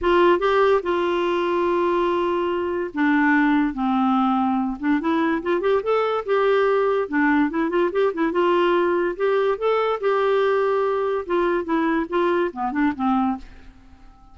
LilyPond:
\new Staff \with { instrumentName = "clarinet" } { \time 4/4 \tempo 4 = 144 f'4 g'4 f'2~ | f'2. d'4~ | d'4 c'2~ c'8 d'8 | e'4 f'8 g'8 a'4 g'4~ |
g'4 d'4 e'8 f'8 g'8 e'8 | f'2 g'4 a'4 | g'2. f'4 | e'4 f'4 b8 d'8 c'4 | }